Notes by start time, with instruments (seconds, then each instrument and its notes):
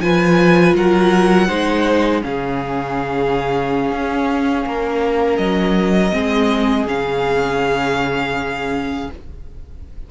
0.00 cello F3, viola F4, violin B4 G#5
0.76 cello F#3, violin A#4 F#5
1.48 cello G#3, viola D#4, violin C5
2.22 cello C#3, viola C#4, violin G#4 F5
3.92 cello C#4
4.67 cello A#3, violin A#4
5.38 cello F#3, violin D#5
6.12 cello G#3, viola C4, violin G#4
6.87 cello C#3, viola C#4, violin F5